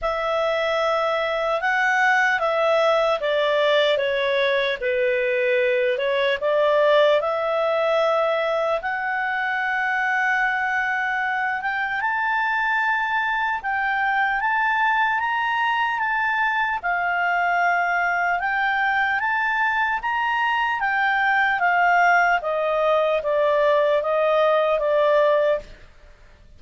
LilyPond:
\new Staff \with { instrumentName = "clarinet" } { \time 4/4 \tempo 4 = 75 e''2 fis''4 e''4 | d''4 cis''4 b'4. cis''8 | d''4 e''2 fis''4~ | fis''2~ fis''8 g''8 a''4~ |
a''4 g''4 a''4 ais''4 | a''4 f''2 g''4 | a''4 ais''4 g''4 f''4 | dis''4 d''4 dis''4 d''4 | }